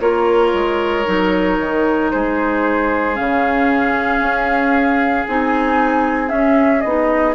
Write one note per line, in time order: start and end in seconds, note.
0.00 0.53 A#3
0.00 1.05 F4
0.00 2.12 A#4
0.00 2.11 C#5
0.53 1.06 G#3
1.05 1.59 F#3
1.05 3.14 D#4
1.59 2.12 D#3
2.11 3.19 G#3
2.11 7.35 G#4
2.11 3.16 C5
3.14 4.21 C#3
3.14 5.25 C#4
3.14 5.26 F5
4.21 5.26 C#4
5.28 6.32 C4
5.28 6.28 D#4
5.28 6.29 G#5
6.28 6.81 C#4
6.28 6.84 C#4
6.28 6.81 E5
6.81 7.35 B3
6.81 7.35 D#4
6.81 7.34 D#5